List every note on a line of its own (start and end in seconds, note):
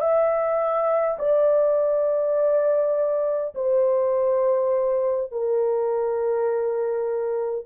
0.00 1.18 E5
1.19 3.55 D5
3.55 5.32 C5
5.32 7.66 A#4